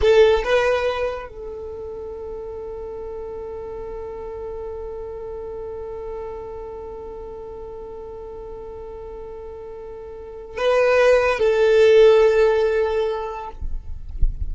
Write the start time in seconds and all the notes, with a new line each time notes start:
0.01 A4
0.44 B4
1.28 A4
10.57 B4
11.39 A4